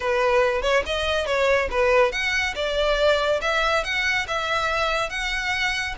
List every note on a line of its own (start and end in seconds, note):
0.00 0.62 B4
0.62 0.83 C#5
0.85 1.26 D#5
1.26 1.68 C#5
1.70 2.12 B4
2.12 2.54 F#5
2.55 3.40 D5
3.41 3.83 E5
3.83 4.26 F#5
4.27 5.09 E5
5.09 5.95 F#5